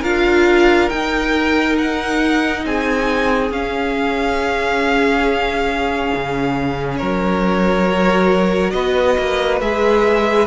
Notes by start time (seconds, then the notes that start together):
0.00 D4 F4 A#4 F5
0.89 D#4 G5
1.78 F#5
2.64 C4 G#4 G#5
3.51 C#4 F5
6.15 C#3
6.97 F#3 A#4 C#5
7.91 F#4
8.70 B3 B4 D#5
9.18 A#3
9.61 G#3 G#4 E5